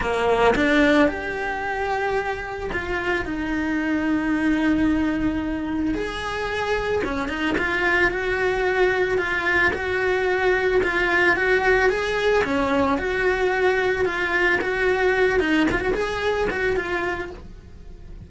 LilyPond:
\new Staff \with { instrumentName = "cello" } { \time 4/4 \tempo 4 = 111 ais4 d'4 g'2~ | g'4 f'4 dis'2~ | dis'2. gis'4~ | gis'4 cis'8 dis'8 f'4 fis'4~ |
fis'4 f'4 fis'2 | f'4 fis'4 gis'4 cis'4 | fis'2 f'4 fis'4~ | fis'8 dis'8 f'16 fis'16 gis'4 fis'8 f'4 | }